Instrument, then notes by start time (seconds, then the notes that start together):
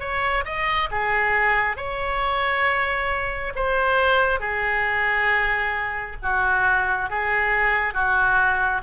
oboe
0.00 C#5
0.45 D#5
0.91 G#4
1.76 C#5
3.55 C5
4.40 G#4
6.22 F#4
7.10 G#4
7.94 F#4